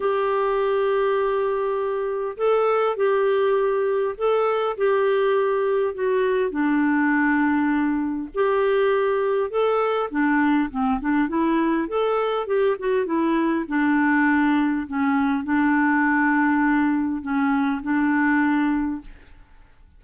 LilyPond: \new Staff \with { instrumentName = "clarinet" } { \time 4/4 \tempo 4 = 101 g'1 | a'4 g'2 a'4 | g'2 fis'4 d'4~ | d'2 g'2 |
a'4 d'4 c'8 d'8 e'4 | a'4 g'8 fis'8 e'4 d'4~ | d'4 cis'4 d'2~ | d'4 cis'4 d'2 | }